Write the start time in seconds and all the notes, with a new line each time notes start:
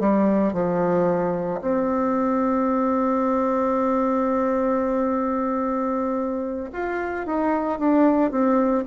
0.00 G3
0.54 F3
1.62 C4
6.73 F4
7.27 D#4
7.79 D4
8.32 C4